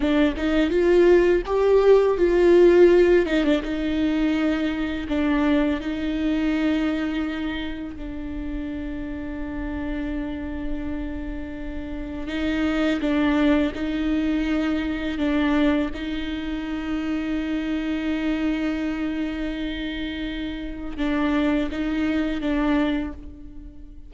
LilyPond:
\new Staff \with { instrumentName = "viola" } { \time 4/4 \tempo 4 = 83 d'8 dis'8 f'4 g'4 f'4~ | f'8 dis'16 d'16 dis'2 d'4 | dis'2. d'4~ | d'1~ |
d'4 dis'4 d'4 dis'4~ | dis'4 d'4 dis'2~ | dis'1~ | dis'4 d'4 dis'4 d'4 | }